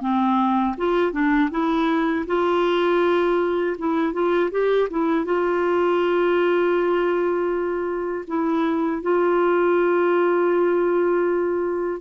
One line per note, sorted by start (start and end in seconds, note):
0.00 0.75 C4
0.77 1.12 F4
1.12 1.49 D4
1.50 2.25 E4
2.26 3.76 F4
3.78 4.12 E4
4.12 4.50 F4
4.51 4.88 G4
4.90 5.25 E4
5.25 8.25 F4
8.27 9.02 E4
9.02 12.00 F4